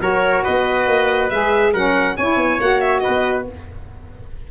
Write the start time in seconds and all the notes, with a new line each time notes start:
0.00 F#3 F#4 A#4 C#5
0.43 B3 B4 D#5
0.87 A#3
1.29 G#3 G#4 E5
1.72 F#3 C#4 A#4 F#5
2.16 C#4 E4 C#5 G#5
2.36 B3
2.59 A#3 F#4 F#5
2.80 E5
2.99 B4 D#5
3.07 B3